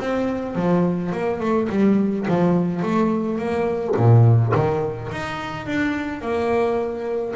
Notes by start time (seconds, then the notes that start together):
0.00 C4
0.56 F3
1.12 A#3
1.40 A3
1.70 G3
2.28 F3
2.83 A3
3.39 A#3
3.97 A#2
4.55 D#3
5.12 D#4
5.67 D4
6.22 A#3